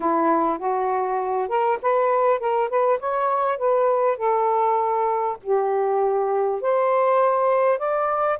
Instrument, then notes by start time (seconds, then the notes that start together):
saxophone
0.00 E4
0.58 F#4
1.48 A#4
1.82 B4
2.39 A#4
2.69 B4
2.99 C#5
3.58 B4
4.17 A4
5.42 G4
6.61 C5
7.78 D5